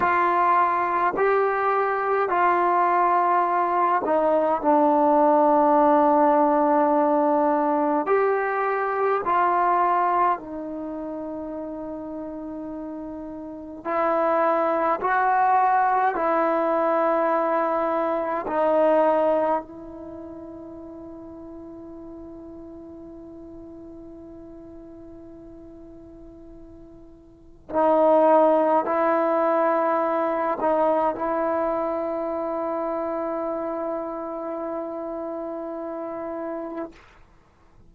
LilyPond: \new Staff \with { instrumentName = "trombone" } { \time 4/4 \tempo 4 = 52 f'4 g'4 f'4. dis'8 | d'2. g'4 | f'4 dis'2. | e'4 fis'4 e'2 |
dis'4 e'2.~ | e'1 | dis'4 e'4. dis'8 e'4~ | e'1 | }